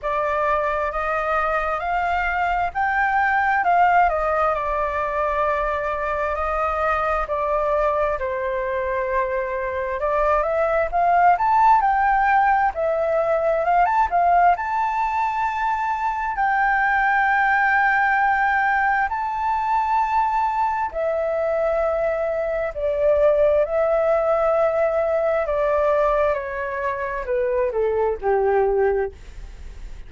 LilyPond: \new Staff \with { instrumentName = "flute" } { \time 4/4 \tempo 4 = 66 d''4 dis''4 f''4 g''4 | f''8 dis''8 d''2 dis''4 | d''4 c''2 d''8 e''8 | f''8 a''8 g''4 e''4 f''16 a''16 f''8 |
a''2 g''2~ | g''4 a''2 e''4~ | e''4 d''4 e''2 | d''4 cis''4 b'8 a'8 g'4 | }